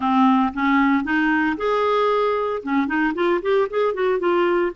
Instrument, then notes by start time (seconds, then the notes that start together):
clarinet
0.00 C4
0.53 C#4
1.04 D#4
1.57 G#4
2.62 C#4
2.87 D#4
3.14 F4
3.41 G4
3.69 G#4
3.94 F#4
4.19 F4